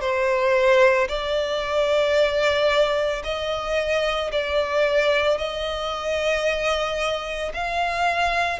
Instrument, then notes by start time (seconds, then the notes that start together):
violin
0.00 C5
1.08 D5
3.23 D#5
4.31 D5
5.38 D#5
7.53 F5